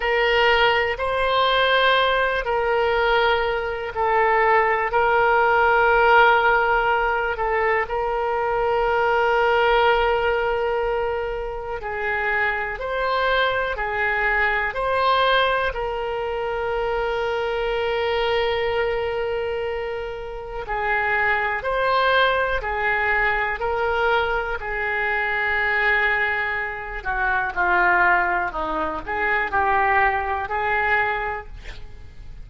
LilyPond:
\new Staff \with { instrumentName = "oboe" } { \time 4/4 \tempo 4 = 61 ais'4 c''4. ais'4. | a'4 ais'2~ ais'8 a'8 | ais'1 | gis'4 c''4 gis'4 c''4 |
ais'1~ | ais'4 gis'4 c''4 gis'4 | ais'4 gis'2~ gis'8 fis'8 | f'4 dis'8 gis'8 g'4 gis'4 | }